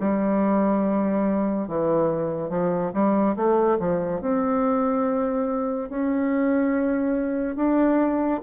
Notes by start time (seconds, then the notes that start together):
0.00 G3
1.68 E3
2.50 F3
2.93 G3
3.36 A3
3.80 F3
4.21 C4
5.90 C#4
7.56 D4